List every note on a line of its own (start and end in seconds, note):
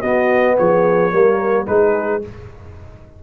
0.00 1.11 B3
0.00 0.58 B3
0.00 0.55 F#4
0.00 0.56 D#5
0.58 1.12 F3
0.58 1.13 G#4
0.58 1.67 C#5
1.11 1.68 G3
1.11 1.66 A#3
1.11 1.68 A#4
1.67 2.23 G#3
1.67 2.22 D#4
1.67 2.23 G#4
1.67 2.22 B4